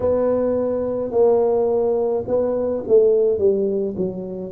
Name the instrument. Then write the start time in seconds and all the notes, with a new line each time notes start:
tuba
0.00 B3
1.11 A#3
2.26 B3
2.87 A3
3.38 G3
3.96 F#3